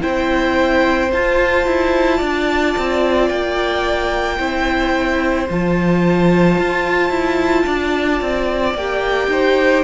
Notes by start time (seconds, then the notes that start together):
0.00 C4 E4 C5 G5
1.11 F4 A5
1.66 E4
2.17 D4 D5
2.77 C4
3.28 A#3 G5
4.37 C4 E4 C5
5.48 F3 F4 A5
6.58 F4
7.09 E4
7.65 D4 D5
8.20 C4
8.74 A#3 G4 G5
9.27 D#4 C5